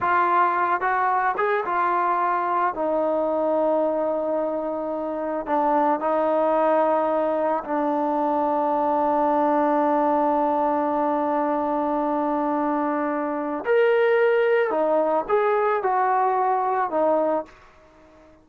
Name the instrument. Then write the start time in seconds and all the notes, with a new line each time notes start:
trombone
0.00 F4
0.80 F#4
1.37 G#4
1.65 F4
2.74 D#4
5.46 D4
6.00 D#4
7.64 D4
13.65 A#4
14.70 D#4
15.28 G#4
15.82 F#4
16.90 D#4